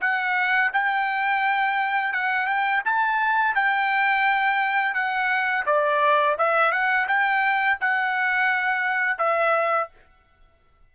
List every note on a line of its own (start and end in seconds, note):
0.00 0.71 F#5
0.73 2.13 G5
2.13 2.46 F#5
2.46 2.82 G5
2.85 3.55 A5
3.55 4.94 G5
4.94 5.64 F#5
5.65 6.36 D5
6.38 6.72 E5
6.72 7.07 F#5
7.07 7.78 G5
7.80 9.18 F#5
9.18 9.89 E5